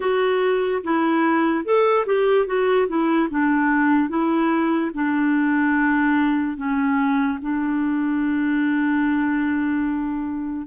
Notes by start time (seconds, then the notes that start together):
0.00 F#4
0.83 E4
1.64 A4
2.05 G4
2.46 F#4
2.88 E4
3.30 D4
4.09 E4
4.94 D4
6.56 C#4
7.41 D4